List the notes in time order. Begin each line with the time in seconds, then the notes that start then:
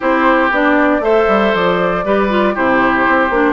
0.00 C4 E4 G4 C5
0.50 B3 D4 D5
1.00 A3 A4 C5 E5
1.27 G3
1.53 F3 D5
2.04 G3 G4 B4
2.29 F4
2.54 C3 E4 G4 C5
3.07 C4
3.29 A#3 D4